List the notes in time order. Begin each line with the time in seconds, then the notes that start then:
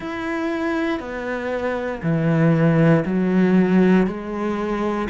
0.00 E4
0.99 B3
2.02 E3
3.05 F#3
4.06 G#3